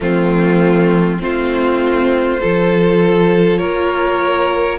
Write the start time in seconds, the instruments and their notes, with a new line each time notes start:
0.00 cello F3, viola A3, violin C4 F4
1.19 cello A3, viola C4, violin F4 C5
2.40 cello F3, viola F4, violin A4
3.57 cello A#3, violin A#4 C#5